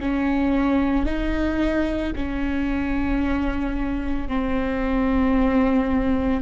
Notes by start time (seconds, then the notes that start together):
0.00 C#4
1.06 D#4
2.16 C#4
4.28 C4